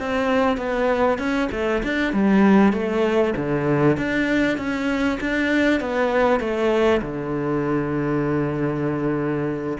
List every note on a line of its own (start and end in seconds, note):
0.00 0.58 C4
0.58 1.19 B3
1.19 1.49 C#4
1.52 1.83 A3
1.83 2.13 D4
2.13 2.73 G3
2.73 3.35 A3
3.37 3.98 D3
3.98 4.58 D4
4.58 5.19 C#4
5.21 5.81 D4
5.81 6.40 B3
6.40 7.02 A3
7.02 9.78 D3